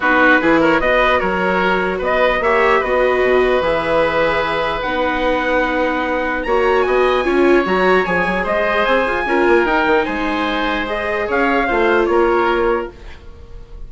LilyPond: <<
  \new Staff \with { instrumentName = "trumpet" } { \time 4/4 \tempo 4 = 149 b'4. cis''8 dis''4 cis''4~ | cis''4 dis''4 e''4 dis''4~ | dis''4 e''2. | fis''1 |
ais''4 gis''2 ais''4 | gis''4 dis''4 gis''2 | g''4 gis''2 dis''4 | f''2 cis''2 | }
  \new Staff \with { instrumentName = "oboe" } { \time 4/4 fis'4 gis'8 ais'8 b'4 ais'4~ | ais'4 b'4 cis''4 b'4~ | b'1~ | b'1 |
cis''4 dis''4 cis''2~ | cis''4 c''2 ais'4~ | ais'4 c''2. | cis''4 c''4 ais'2 | }
  \new Staff \with { instrumentName = "viola" } { \time 4/4 dis'4 e'4 fis'2~ | fis'2 g'4 fis'4~ | fis'4 gis'2. | dis'1 |
fis'2 f'4 fis'4 | gis'2. f'4 | dis'2. gis'4~ | gis'4 f'2. | }
  \new Staff \with { instrumentName = "bassoon" } { \time 4/4 b4 e4 b4 fis4~ | fis4 b4 ais4 b4 | b,4 e2. | b1 |
ais4 b4 cis'4 fis4 | f8 fis8 gis4 c'8 f'8 cis'8 ais8 | dis'8 dis8 gis2. | cis'4 a4 ais2 | }
>>